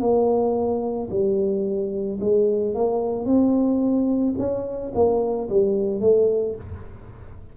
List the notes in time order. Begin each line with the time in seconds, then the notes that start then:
0.00 A#3
1.11 G3
2.21 G#3
2.75 A#3
3.25 C4
4.38 C#4
4.95 A#3
5.49 G3
6.01 A3